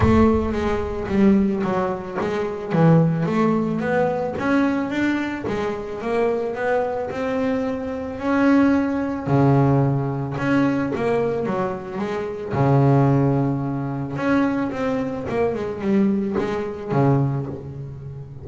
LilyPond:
\new Staff \with { instrumentName = "double bass" } { \time 4/4 \tempo 4 = 110 a4 gis4 g4 fis4 | gis4 e4 a4 b4 | cis'4 d'4 gis4 ais4 | b4 c'2 cis'4~ |
cis'4 cis2 cis'4 | ais4 fis4 gis4 cis4~ | cis2 cis'4 c'4 | ais8 gis8 g4 gis4 cis4 | }